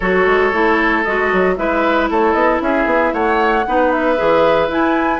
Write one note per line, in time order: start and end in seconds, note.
0.00 0.26 F#3
0.00 0.52 F#4
0.00 1.54 A4
0.00 1.03 C#5
0.26 0.52 G#3
0.52 1.04 A3
0.52 1.04 E4
1.03 1.32 G#3
1.03 1.56 F#4
1.03 1.55 D#5
1.32 1.58 F#3
1.56 2.10 G#3
1.56 3.65 E4
1.56 2.10 B4
1.56 2.08 E5
2.10 2.34 A3
2.10 2.62 A4
2.10 2.32 C#5
2.32 2.60 B3
2.32 2.58 D#5
2.61 2.85 C#4
2.61 3.13 G#4
2.61 3.13 E5
2.85 3.11 B3
3.13 3.65 A3
3.13 3.65 C#5
3.13 3.92 F#5
3.67 4.19 B3
3.67 4.16 D#4
3.67 5.19 B4
3.92 4.70 E5
4.16 4.67 E3
4.16 4.68 G#4
4.67 5.19 E4
4.67 5.19 G#5